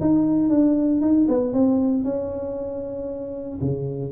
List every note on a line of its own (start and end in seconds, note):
0.00 0.49 D#4
0.49 1.01 D4
1.01 1.27 D#4
1.28 1.53 B3
1.53 2.04 C4
2.04 3.59 C#4
3.61 4.11 C#3